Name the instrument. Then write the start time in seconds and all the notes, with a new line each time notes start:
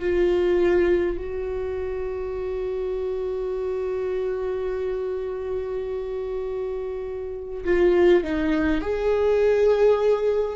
viola
0.00 F4
1.18 F#4
7.65 F4
8.24 D#4
8.81 G#4